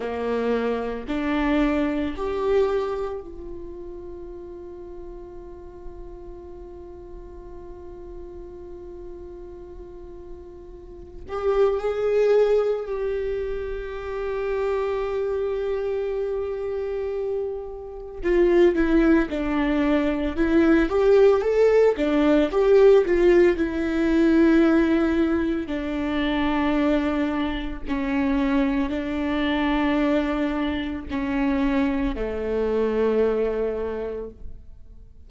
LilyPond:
\new Staff \with { instrumentName = "viola" } { \time 4/4 \tempo 4 = 56 ais4 d'4 g'4 f'4~ | f'1~ | f'2~ f'8 g'8 gis'4 | g'1~ |
g'4 f'8 e'8 d'4 e'8 g'8 | a'8 d'8 g'8 f'8 e'2 | d'2 cis'4 d'4~ | d'4 cis'4 a2 | }